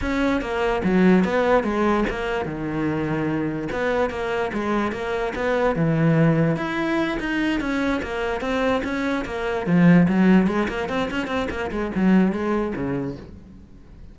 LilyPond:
\new Staff \with { instrumentName = "cello" } { \time 4/4 \tempo 4 = 146 cis'4 ais4 fis4 b4 | gis4 ais4 dis2~ | dis4 b4 ais4 gis4 | ais4 b4 e2 |
e'4. dis'4 cis'4 ais8~ | ais8 c'4 cis'4 ais4 f8~ | f8 fis4 gis8 ais8 c'8 cis'8 c'8 | ais8 gis8 fis4 gis4 cis4 | }